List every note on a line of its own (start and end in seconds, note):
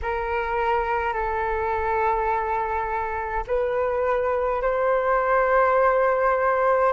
0.02 1.13 A#4
1.13 3.44 A4
3.47 4.62 B4
4.62 6.92 C5